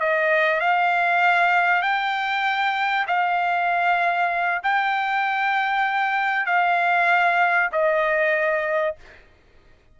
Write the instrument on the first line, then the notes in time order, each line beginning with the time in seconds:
trumpet
0.00 D#5
0.60 F5
1.82 G5
3.07 F5
4.63 G5
6.46 F5
7.72 D#5